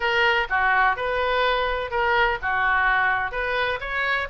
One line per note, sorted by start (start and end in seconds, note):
0.00 0.47 A#4
0.49 0.96 F#4
0.96 1.90 B4
1.90 2.38 A#4
2.42 3.31 F#4
3.31 3.79 B4
3.80 4.28 C#5